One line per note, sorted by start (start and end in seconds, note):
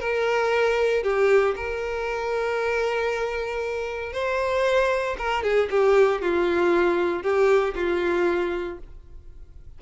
0.00 1.03 A#4
1.03 1.55 G4
1.56 4.13 A#4
4.13 5.17 C5
5.18 5.44 A#4
5.44 5.69 G#4
5.71 6.22 G4
6.22 7.23 F4
7.23 7.75 G4
7.75 8.79 F4